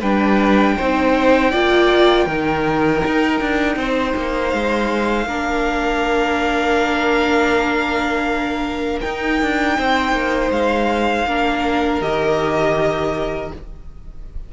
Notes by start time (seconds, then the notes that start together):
0.00 G3 D4 B4 G5
0.77 C4 D#4 C5
1.51 A#3 F4 D5
2.26 D#3 D#4 A#4
3.07 D#4
3.41 D4
3.76 C4 C5
4.17 A#3
4.49 G#3 F5
5.27 A#3 D4 A#4
9.01 D#4 G5
9.42 D4
9.78 C4 C5
10.12 A#3
10.51 G#3 F5
11.27 A#3 D4 A#4
12.02 D#3 G4 D#5